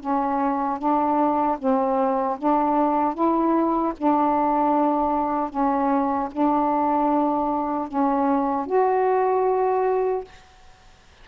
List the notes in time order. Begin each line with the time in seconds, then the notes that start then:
0.00 C#4
0.78 D4
1.59 C4
2.38 D4
3.14 E4
3.97 D4
5.50 C#4
6.32 D4
7.88 C#4
8.66 F#4